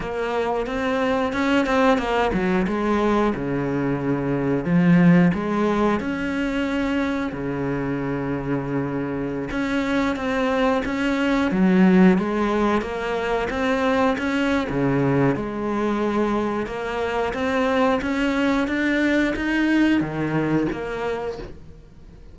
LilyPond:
\new Staff \with { instrumentName = "cello" } { \time 4/4 \tempo 4 = 90 ais4 c'4 cis'8 c'8 ais8 fis8 | gis4 cis2 f4 | gis4 cis'2 cis4~ | cis2~ cis16 cis'4 c'8.~ |
c'16 cis'4 fis4 gis4 ais8.~ | ais16 c'4 cis'8. cis4 gis4~ | gis4 ais4 c'4 cis'4 | d'4 dis'4 dis4 ais4 | }